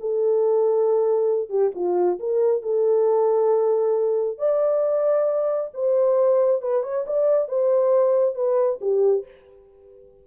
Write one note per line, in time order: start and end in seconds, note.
0.00 1.49 A4
1.49 1.71 G4
1.75 2.19 F4
2.19 2.62 A#4
2.62 4.38 A4
4.38 5.71 D5
5.74 6.62 C5
6.62 6.83 B4
6.83 7.05 C#5
7.06 7.48 D5
7.48 8.35 C5
8.35 8.79 B4
8.81 9.25 G4